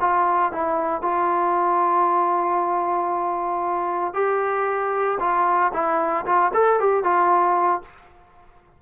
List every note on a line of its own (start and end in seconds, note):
0.00 0.52 F4
0.52 1.02 E4
1.02 4.14 F4
4.14 5.18 G4
5.20 5.72 F4
5.73 6.26 E4
6.26 6.52 F4
6.54 6.80 A4
6.80 7.04 G4
7.04 7.82 F4